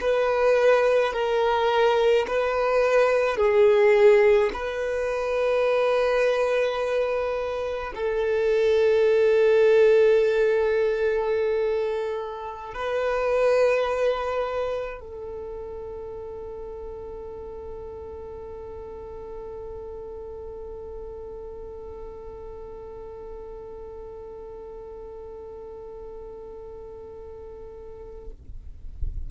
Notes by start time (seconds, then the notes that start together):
0.00 B4
1.13 A#4
2.27 B4
3.37 G#4
4.53 B4
7.94 A4
12.74 B4
15.00 A4